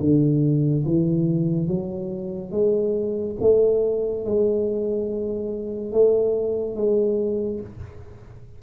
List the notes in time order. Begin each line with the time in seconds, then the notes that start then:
0.00 D3
0.85 E3
1.67 F#3
2.51 G#3
3.40 A3
4.25 G#3
5.92 A3
6.76 G#3